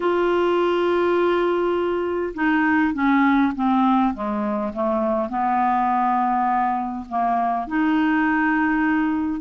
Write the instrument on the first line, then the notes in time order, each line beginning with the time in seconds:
clarinet
0.00 F4
2.34 D#4
2.93 C#4
3.55 C4
4.14 G#3
4.73 A3
5.29 B3
7.09 A#3
7.67 D#4